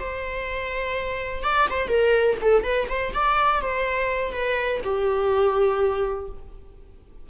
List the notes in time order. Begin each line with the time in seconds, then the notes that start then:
0.00 C5
1.43 D5
1.70 C5
1.88 A#4
2.41 A4
2.64 B4
2.89 C5
3.14 D5
3.61 C5
4.32 B4
4.84 G4